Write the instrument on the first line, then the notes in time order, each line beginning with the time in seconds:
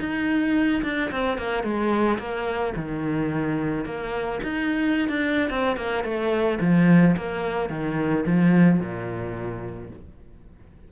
cello
0.00 D#4
0.83 D4
1.11 C4
1.38 A#3
1.63 G#3
2.19 A#3
2.76 D#3
3.85 A#3
4.43 D#4
5.08 D4
5.50 C4
5.76 A#3
6.04 A3
6.61 F3
7.16 A#3
7.69 D#3
8.26 F3
8.80 A#2